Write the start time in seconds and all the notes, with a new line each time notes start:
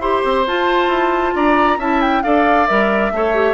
0.00 E4 G4 C5 C6
0.25 C4
0.47 F4 A5
0.88 E4
1.36 D4 D5 A#5
1.78 C#4 E4 E5 A5
2.01 G5
2.23 D4 A4 D5 F5
2.67 G3 A#4 E5
3.12 A3 A4 C#5
3.35 G4